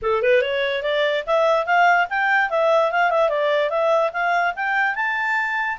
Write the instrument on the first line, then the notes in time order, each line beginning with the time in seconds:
clarinet
0.02 A4
0.22 B4
0.41 C#5
0.83 D5
1.26 E5
1.66 F5
2.09 G5
2.50 E5
2.91 F5
3.10 E5
3.29 D5
3.69 E5
4.12 F5
4.55 G5
4.95 A5